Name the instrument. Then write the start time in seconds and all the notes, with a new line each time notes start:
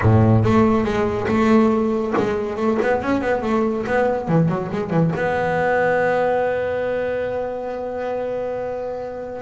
double bass
0.02 A2
0.44 A3
0.84 G#3
1.28 A3
2.17 G#3
2.56 A3
2.81 B3
3.02 C#4
3.21 B3
3.42 A3
3.86 B3
4.28 E3
4.48 F#3
4.71 G#3
4.90 E3
5.15 B3